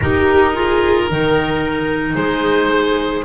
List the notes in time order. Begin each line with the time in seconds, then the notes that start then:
0.00 D#4 G4 A#4
0.53 F4 G#4
1.07 D#3 D#4 A#4
2.15 G#3 G#4 C5